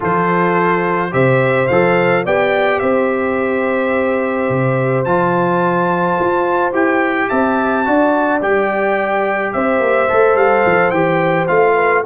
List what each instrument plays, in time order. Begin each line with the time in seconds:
0.00 tuba F3, trombone F4, horn A4, trumpet C5
1.11 tuba C3, trombone G4, horn C5, trumpet E5
1.67 tuba F3, trombone A4, trumpet F5
2.24 tuba B3, trombone G4, horn D5, trumpet G5
2.79 tuba C4, horn C5, trumpet E5
4.49 tuba C3
5.04 tuba F3, trombone F4, trumpet A5
6.19 tuba F4
6.73 tuba E4, trombone G4, trumpet G5
7.29 tuba C4, horn E5, trumpet A5
7.84 tuba D4, trombone F#4, horn D5
8.41 tuba G3, trombone G4, trumpet G5
9.53 tuba C4, horn C5, trumpet E5
9.80 tuba A#3
10.08 tuba A3, trombone A4
10.35 tuba G3, trumpet F5
10.65 tuba F3
10.90 tuba E3, trombone G4, trumpet G5
11.47 tuba A3, trombone F4, trumpet F5
11.75 horn B4